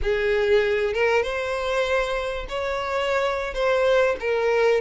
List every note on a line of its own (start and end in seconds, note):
0.02 0.93 G#4
0.93 1.22 A#4
1.22 2.46 C5
2.49 3.54 C#5
3.54 4.16 C5
4.20 4.81 A#4